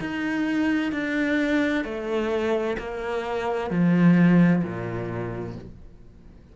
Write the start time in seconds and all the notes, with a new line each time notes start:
0.00 D#4
0.92 D4
1.84 A3
2.78 A#3
3.70 F3
4.63 A#2